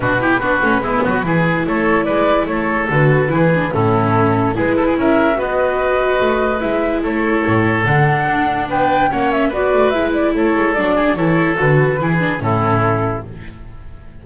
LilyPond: <<
  \new Staff \with { instrumentName = "flute" } { \time 4/4 \tempo 4 = 145 b'1 | cis''4 d''4 cis''4 b'4~ | b'4 a'2 b'4 | e''4 dis''2. |
e''4 cis''2 fis''4~ | fis''4 g''4 fis''8 e''8 d''4 | e''8 d''8 cis''4 d''4 cis''4 | b'2 a'2 | }
  \new Staff \with { instrumentName = "oboe" } { \time 4/4 fis'8 g'8 fis'4 e'8 fis'8 gis'4 | a'4 b'4 a'2 | gis'4 e'2 gis'8 a'16 gis'16 | ais'4 b'2.~ |
b'4 a'2.~ | a'4 b'4 cis''4 b'4~ | b'4 a'4. gis'8 a'4~ | a'4 gis'4 e'2 | }
  \new Staff \with { instrumentName = "viola" } { \time 4/4 d'8 e'8 d'8 cis'8 b4 e'4~ | e'2. fis'4 | e'8 d'8 cis'2 e'4~ | e'4 fis'2. |
e'2. d'4~ | d'2 cis'4 fis'4 | e'2 d'4 e'4 | fis'4 e'8 d'8 cis'2 | }
  \new Staff \with { instrumentName = "double bass" } { \time 4/4 b,4 b8 a8 gis8 fis8 e4 | a4 gis4 a4 d4 | e4 a,2 gis4 | cis'4 b2 a4 |
gis4 a4 a,4 d4 | d'4 b4 ais4 b8 a8 | gis4 a8 gis8 fis4 e4 | d4 e4 a,2 | }
>>